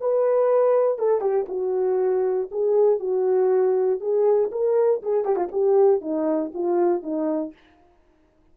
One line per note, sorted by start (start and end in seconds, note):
0.00 0.98 B4
0.98 1.20 A4
1.20 1.46 G4
1.48 2.49 F#4
2.51 2.99 G#4
2.99 4.00 F#4
4.00 4.50 G#4
4.51 5.02 A#4
5.02 5.24 G#4
5.24 5.36 G4
5.36 5.48 F4
5.51 6.01 G4
6.01 6.51 D#4
6.54 7.03 F4
7.03 7.53 D#4